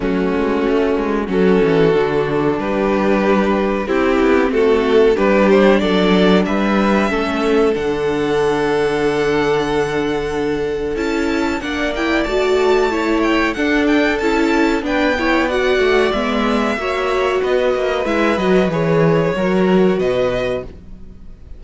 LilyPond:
<<
  \new Staff \with { instrumentName = "violin" } { \time 4/4 \tempo 4 = 93 fis'2 a'2 | b'2 g'4 a'4 | b'8 c''8 d''4 e''2 | fis''1~ |
fis''4 a''4 fis''8 g''8 a''4~ | a''8 g''8 fis''8 g''8 a''4 g''4 | fis''4 e''2 dis''4 | e''8 dis''8 cis''2 dis''4 | }
  \new Staff \with { instrumentName = "violin" } { \time 4/4 cis'2 fis'2 | g'2 e'4 fis'4 | g'4 a'4 b'4 a'4~ | a'1~ |
a'2 d''2 | cis''4 a'2 b'8 cis''8 | d''2 cis''4 b'4~ | b'2 ais'4 b'4 | }
  \new Staff \with { instrumentName = "viola" } { \time 4/4 a2 cis'4 d'4~ | d'2 c'2 | d'2. cis'4 | d'1~ |
d'4 e'4 d'8 e'8 fis'4 | e'4 d'4 e'4 d'8 e'8 | fis'4 b4 fis'2 | e'8 fis'8 gis'4 fis'2 | }
  \new Staff \with { instrumentName = "cello" } { \time 4/4 fis8 gis8 a8 gis8 fis8 e8 d4 | g2 c'8 b8 a4 | g4 fis4 g4 a4 | d1~ |
d4 cis'4 ais4 a4~ | a4 d'4 cis'4 b4~ | b8 a8 gis4 ais4 b8 ais8 | gis8 fis8 e4 fis4 b,4 | }
>>